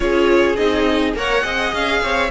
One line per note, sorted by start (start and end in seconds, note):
0.00 0.57 C#4
0.00 0.56 F4
0.00 1.17 G#4
0.00 0.56 C#5
0.56 1.14 C4
0.56 1.15 D#4
0.56 1.13 D#5
1.14 1.43 A#3
1.14 1.41 A#4
1.14 1.43 C#5
1.14 1.74 F#5
1.41 1.73 C4
1.41 2.28 G#4
1.41 2.01 D#5
1.73 2.02 C#4
1.73 2.30 F5
2.02 2.30 C4
2.02 2.30 C#5